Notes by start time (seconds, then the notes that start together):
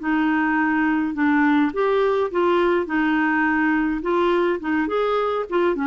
0.00 D#4
1.15 D4
1.74 G4
2.32 F4
2.86 D#4
4.02 F4
4.60 D#4
4.88 G#4
5.50 F4
5.76 C#4